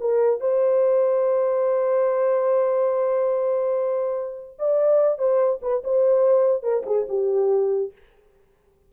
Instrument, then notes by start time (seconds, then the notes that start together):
horn
0.00 A#4
0.40 C5
4.59 D5
5.18 C5
5.62 B4
5.84 C5
6.62 A#4
6.86 G#4
7.09 G4